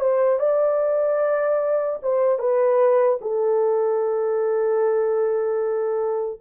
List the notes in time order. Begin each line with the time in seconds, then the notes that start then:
0.00 C5
0.39 D5
2.03 C5
2.39 B4
3.21 A4